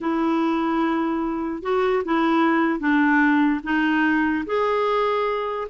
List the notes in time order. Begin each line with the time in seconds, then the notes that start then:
0.00 E4
1.62 F#4
2.04 E4
2.79 D4
3.63 D#4
4.45 G#4